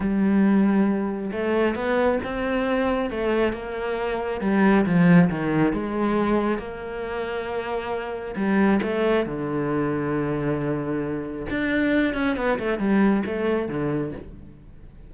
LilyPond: \new Staff \with { instrumentName = "cello" } { \time 4/4 \tempo 4 = 136 g2. a4 | b4 c'2 a4 | ais2 g4 f4 | dis4 gis2 ais4~ |
ais2. g4 | a4 d2.~ | d2 d'4. cis'8 | b8 a8 g4 a4 d4 | }